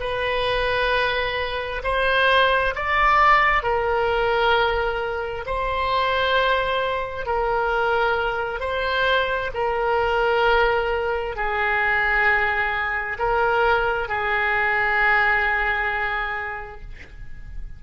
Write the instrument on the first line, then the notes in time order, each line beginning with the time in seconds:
oboe
0.00 B4
1.83 C5
2.75 D5
3.63 A#4
5.46 C5
7.26 A#4
8.60 C5
9.54 A#4
11.36 G#4
13.19 A#4
14.08 G#4